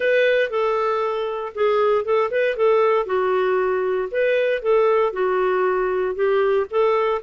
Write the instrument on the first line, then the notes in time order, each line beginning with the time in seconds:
clarinet
0.00 B4
0.50 A4
1.55 G#4
2.04 A4
2.31 B4
2.56 A4
3.06 F#4
4.11 B4
4.62 A4
5.12 F#4
6.15 G4
6.70 A4